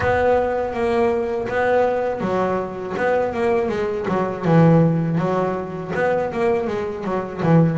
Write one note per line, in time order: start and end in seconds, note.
0.00 0.73 B3
0.73 1.47 A#3
1.48 2.20 B3
2.20 2.95 F#3
2.97 3.33 B3
3.33 3.68 A#3
3.68 4.06 G#3
4.07 4.44 F#3
4.44 5.18 E3
5.18 5.92 F#3
5.95 6.32 B3
6.32 6.67 A#3
6.67 7.04 G#3
7.04 7.41 F#3
7.42 7.78 E3